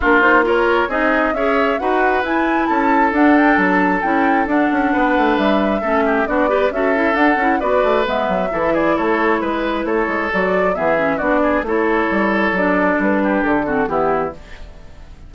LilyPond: <<
  \new Staff \with { instrumentName = "flute" } { \time 4/4 \tempo 4 = 134 ais'8 c''8 cis''4 dis''4 e''4 | fis''4 gis''4 a''4 fis''8 g''8 | a''4 g''4 fis''2 | e''2 d''4 e''4 |
fis''4 d''4 e''4. d''8 | cis''4 b'4 cis''4 d''4 | e''4 d''4 cis''2 | d''4 b'4 a'4 g'4 | }
  \new Staff \with { instrumentName = "oboe" } { \time 4/4 f'4 ais'4 gis'4 cis''4 | b'2 a'2~ | a'2. b'4~ | b'4 a'8 g'8 fis'8 b'8 a'4~ |
a'4 b'2 a'8 gis'8 | a'4 b'4 a'2 | gis'4 fis'8 gis'8 a'2~ | a'4. g'4 fis'8 e'4 | }
  \new Staff \with { instrumentName = "clarinet" } { \time 4/4 d'8 dis'8 f'4 dis'4 gis'4 | fis'4 e'2 d'4~ | d'4 e'4 d'2~ | d'4 cis'4 d'8 g'8 fis'8 e'8 |
d'8 e'8 fis'4 b4 e'4~ | e'2. fis'4 | b8 cis'8 d'4 e'2 | d'2~ d'8 c'8 b4 | }
  \new Staff \with { instrumentName = "bassoon" } { \time 4/4 ais2 c'4 cis'4 | dis'4 e'4 cis'4 d'4 | fis4 cis'4 d'8 cis'8 b8 a8 | g4 a4 b4 cis'4 |
d'8 cis'8 b8 a8 gis8 fis8 e4 | a4 gis4 a8 gis8 fis4 | e4 b4 a4 g4 | fis4 g4 d4 e4 | }
>>